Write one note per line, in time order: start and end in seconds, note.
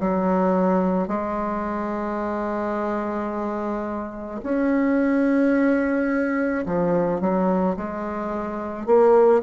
0.00 1.08 F#3
1.08 4.41 G#3
4.43 6.66 C#4
6.66 7.21 F3
7.21 7.77 F#3
7.77 8.87 G#3
8.87 9.42 A#3